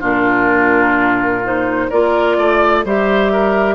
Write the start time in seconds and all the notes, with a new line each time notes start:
0.00 A#2 D4 F4
0.07 A#4
1.44 D#4 C5
1.90 A#3 F4 A#4 D5
2.38 A3 D5
2.85 G3 G4 C5 E5
3.33 A#4